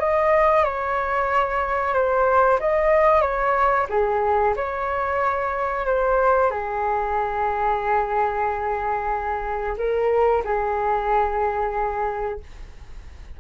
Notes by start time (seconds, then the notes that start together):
0.00 D#5
0.64 C#5
1.94 C5
2.60 D#5
3.22 C#5
3.90 G#4
4.56 C#5
5.86 C5
6.51 G#4
9.78 A#4
10.45 G#4